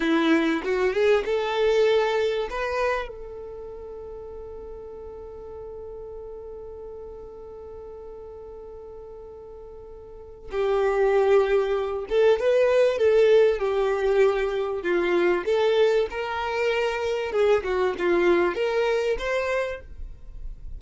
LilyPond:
\new Staff \with { instrumentName = "violin" } { \time 4/4 \tempo 4 = 97 e'4 fis'8 gis'8 a'2 | b'4 a'2.~ | a'1~ | a'1~ |
a'4 g'2~ g'8 a'8 | b'4 a'4 g'2 | f'4 a'4 ais'2 | gis'8 fis'8 f'4 ais'4 c''4 | }